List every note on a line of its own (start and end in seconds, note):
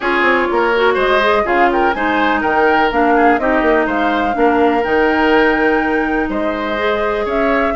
0.00 0.22 C#4
0.00 0.74 F4
0.00 0.48 G#4
0.00 0.97 C#5
0.22 0.46 C4
0.51 0.95 A#3
0.51 0.94 A#4
0.74 1.21 F#4
0.94 1.44 G#3
0.94 1.42 C5
0.94 1.46 D#5
1.21 1.44 G#4
1.44 1.93 C#3
1.44 1.93 F4
1.44 1.69 G#4
1.44 1.71 F5
1.72 1.95 A#4
1.72 1.93 G5
1.93 2.43 G#3
1.93 2.91 D#4
1.93 2.41 C5
1.93 2.41 G#5
2.41 2.91 D#3
2.41 3.13 A#4
2.41 2.90 G5
2.91 3.38 A#3
2.91 3.39 D4
2.91 3.39 F5
3.15 3.40 G#4
3.38 3.61 C4
3.38 4.32 D#4
3.38 3.86 G4
3.38 3.87 D#5
3.61 3.85 A#3
3.86 4.34 G#3
3.86 4.35 C5
3.86 4.84 F5
4.32 4.84 A#3
4.32 4.81 D4
4.32 6.29 A#4
4.84 6.28 D#3
4.84 6.77 D#4
4.84 6.29 G5
6.28 7.25 G#3
6.28 7.25 C5
6.28 7.26 D#5
6.77 7.74 G#4
7.25 7.73 C#4
7.25 7.73 C#5
7.25 7.75 E5